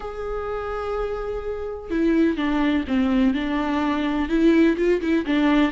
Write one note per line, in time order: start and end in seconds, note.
0.00 1.90 G#4
1.90 2.36 E4
2.36 2.84 D4
2.87 3.34 C4
3.34 4.29 D4
4.29 4.76 E4
4.77 5.01 F4
5.01 5.25 E4
5.26 5.71 D4